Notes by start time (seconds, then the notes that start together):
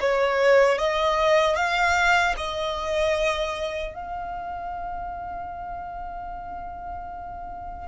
0.00 C#5
0.78 D#5
1.55 F5
2.37 D#5
3.94 F5